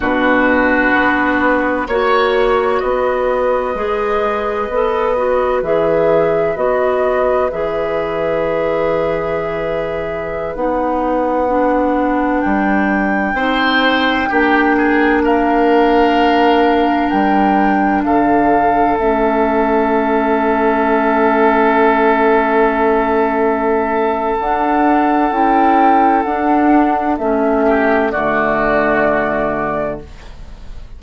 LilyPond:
<<
  \new Staff \with { instrumentName = "flute" } { \time 4/4 \tempo 4 = 64 b'2 cis''4 dis''4~ | dis''2 e''4 dis''4 | e''2.~ e''16 fis''8.~ | fis''4~ fis''16 g''2~ g''8.~ |
g''16 f''2 g''4 f''8.~ | f''16 e''2.~ e''8.~ | e''2 fis''4 g''4 | fis''4 e''4 d''2 | }
  \new Staff \with { instrumentName = "oboe" } { \time 4/4 fis'2 cis''4 b'4~ | b'1~ | b'1~ | b'2~ b'16 c''4 g'8 gis'16~ |
gis'16 ais'2. a'8.~ | a'1~ | a'1~ | a'4. g'8 fis'2 | }
  \new Staff \with { instrumentName = "clarinet" } { \time 4/4 d'2 fis'2 | gis'4 a'8 fis'8 gis'4 fis'4 | gis'2.~ gis'16 dis'8.~ | dis'16 d'2 dis'4 d'8.~ |
d'1~ | d'16 cis'2.~ cis'8.~ | cis'2 d'4 e'4 | d'4 cis'4 a2 | }
  \new Staff \with { instrumentName = "bassoon" } { \time 4/4 b,4 b4 ais4 b4 | gis4 b4 e4 b4 | e2.~ e16 b8.~ | b4~ b16 g4 c'4 ais8.~ |
ais2~ ais16 g4 d8.~ | d16 a2.~ a8.~ | a2 d'4 cis'4 | d'4 a4 d2 | }
>>